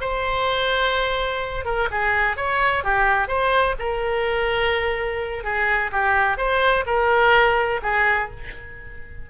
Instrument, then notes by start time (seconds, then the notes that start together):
oboe
0.00 C5
1.65 A#4
1.90 G#4
2.36 C#5
2.83 G4
3.27 C5
3.79 A#4
5.44 G#4
5.91 G4
6.37 C5
6.86 A#4
7.82 G#4